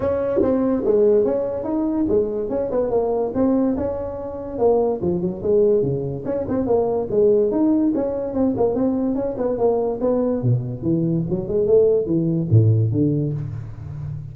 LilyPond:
\new Staff \with { instrumentName = "tuba" } { \time 4/4 \tempo 4 = 144 cis'4 c'4 gis4 cis'4 | dis'4 gis4 cis'8 b8 ais4 | c'4 cis'2 ais4 | f8 fis8 gis4 cis4 cis'8 c'8 |
ais4 gis4 dis'4 cis'4 | c'8 ais8 c'4 cis'8 b8 ais4 | b4 b,4 e4 fis8 gis8 | a4 e4 a,4 d4 | }